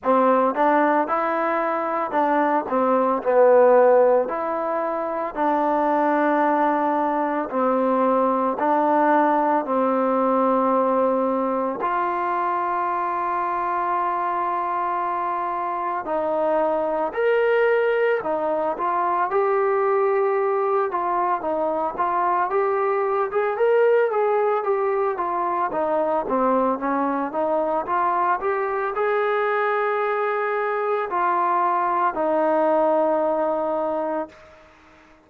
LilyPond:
\new Staff \with { instrumentName = "trombone" } { \time 4/4 \tempo 4 = 56 c'8 d'8 e'4 d'8 c'8 b4 | e'4 d'2 c'4 | d'4 c'2 f'4~ | f'2. dis'4 |
ais'4 dis'8 f'8 g'4. f'8 | dis'8 f'8 g'8. gis'16 ais'8 gis'8 g'8 f'8 | dis'8 c'8 cis'8 dis'8 f'8 g'8 gis'4~ | gis'4 f'4 dis'2 | }